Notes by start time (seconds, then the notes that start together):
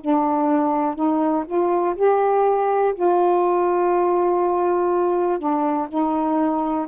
0.00 D4
0.95 D#4
1.46 F4
1.95 G4
2.95 F4
5.39 D4
5.88 D#4